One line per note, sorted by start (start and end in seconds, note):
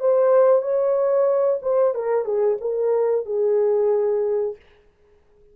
0.00 0.62 C5
0.62 1.60 C#5
1.62 1.94 C5
1.94 2.25 A#4
2.25 2.58 G#4
2.61 3.25 A#4
3.25 4.56 G#4